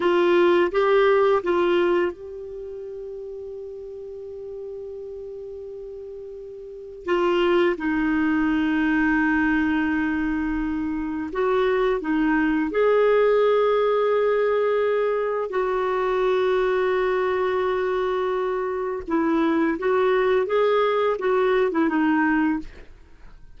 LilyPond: \new Staff \with { instrumentName = "clarinet" } { \time 4/4 \tempo 4 = 85 f'4 g'4 f'4 g'4~ | g'1~ | g'2 f'4 dis'4~ | dis'1 |
fis'4 dis'4 gis'2~ | gis'2 fis'2~ | fis'2. e'4 | fis'4 gis'4 fis'8. e'16 dis'4 | }